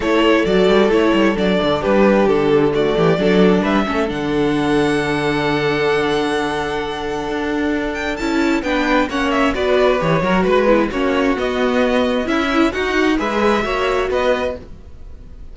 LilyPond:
<<
  \new Staff \with { instrumentName = "violin" } { \time 4/4 \tempo 4 = 132 cis''4 d''4 cis''4 d''4 | b'4 a'4 d''2 | e''4 fis''2.~ | fis''1~ |
fis''4. g''8 a''4 g''4 | fis''8 e''8 d''4 cis''4 b'4 | cis''4 dis''2 e''4 | fis''4 e''2 dis''4 | }
  \new Staff \with { instrumentName = "violin" } { \time 4/4 a'1 | g'2 fis'8 g'8 a'4 | b'8 a'2.~ a'8~ | a'1~ |
a'2. b'4 | cis''4 b'4. ais'8 b'8 b8 | fis'2. e'4 | fis'4 b'4 cis''4 b'4 | }
  \new Staff \with { instrumentName = "viola" } { \time 4/4 e'4 fis'4 e'4 d'4~ | d'2 a4 d'4~ | d'8 cis'8 d'2.~ | d'1~ |
d'2 e'4 d'4 | cis'4 fis'4 g'8 fis'4 e'8 | cis'4 b2 e'4 | dis'4 gis'4 fis'2 | }
  \new Staff \with { instrumentName = "cello" } { \time 4/4 a4 fis8 g8 a8 g8 fis8 d8 | g4 d4. e8 fis4 | g8 a8 d2.~ | d1 |
d'2 cis'4 b4 | ais4 b4 e8 fis8 gis4 | ais4 b2 cis'4 | dis'4 gis4 ais4 b4 | }
>>